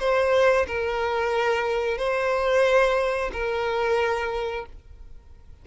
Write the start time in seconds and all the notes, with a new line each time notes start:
0.00 C5
0.68 A#4
1.98 C5
3.33 A#4